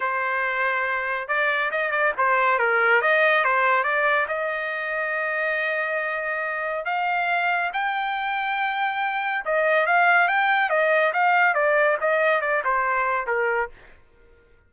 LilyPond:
\new Staff \with { instrumentName = "trumpet" } { \time 4/4 \tempo 4 = 140 c''2. d''4 | dis''8 d''8 c''4 ais'4 dis''4 | c''4 d''4 dis''2~ | dis''1 |
f''2 g''2~ | g''2 dis''4 f''4 | g''4 dis''4 f''4 d''4 | dis''4 d''8 c''4. ais'4 | }